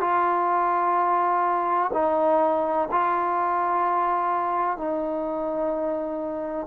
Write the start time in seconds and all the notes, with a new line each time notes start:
0.00 F4
1.93 D#4
2.91 F4
4.77 D#4